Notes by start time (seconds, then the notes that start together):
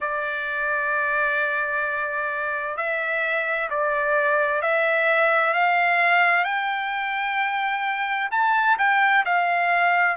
0.00 D5
2.77 E5
3.69 D5
4.61 E5
5.53 F5
6.44 G5
8.31 A5
8.78 G5
9.25 F5